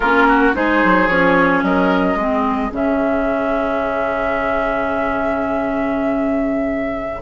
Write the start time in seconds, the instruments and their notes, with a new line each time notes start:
0.00 bassoon A#3, clarinet C#4, oboe F4, flute A#4
0.28 oboe F#4
0.53 bassoon G#3, clarinet D#4, oboe G#4, flute C5
0.84 bassoon F#3
1.07 bassoon F3, clarinet C#4, flute C#5
1.62 bassoon F#3, oboe A#4, flute D#5
2.15 bassoon G#3, clarinet C4, oboe G#4
2.71 bassoon C#3, clarinet C#4, flute E5